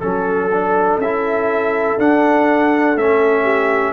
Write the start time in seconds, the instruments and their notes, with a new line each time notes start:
0.00 tuba F#3, trombone C#4, trumpet A4, horn A4
0.52 trombone D4
0.97 tuba C#4, trumpet E5
1.04 trombone E4
1.98 tuba D4, trombone D4, trumpet F#5
2.96 tuba A3, trombone C#4, trumpet E5
3.43 horn G4